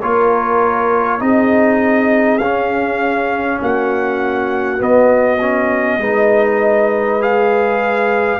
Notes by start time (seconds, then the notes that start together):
0.00 A#3 F4 A#4 C#5
1.20 C4 D#4 G#4 D#5
2.38 C#4 F5
3.61 A#3 F#4 F#5
4.78 B3 D#5
5.41 C#4
5.98 G#3 D#4 B4
7.21 G#4 F5